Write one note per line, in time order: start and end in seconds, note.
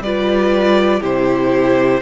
0.00 1.00 G3
0.00 1.02 F4
0.00 1.00 B4
0.00 1.03 D5
1.00 2.02 C3
1.00 2.02 E4
1.00 2.00 G4
1.00 2.02 C5